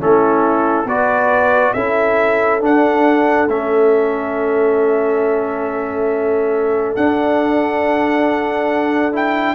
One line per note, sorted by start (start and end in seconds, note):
0.00 0.85 A3
0.00 0.87 C#4
0.00 0.87 E4
0.00 0.89 A4
0.85 1.72 B3
0.85 1.76 F#4
0.85 1.74 B4
0.85 1.74 D5
1.74 2.62 C#4
1.74 2.61 E4
1.74 9.55 A4
1.74 2.61 E5
2.61 3.48 D4
2.61 3.49 F#5
3.48 6.96 A3
3.48 6.98 C#4
3.48 6.96 E5
6.96 9.55 D4
6.96 9.13 D4
6.96 9.13 F#5
9.13 9.55 E4
9.13 9.55 G5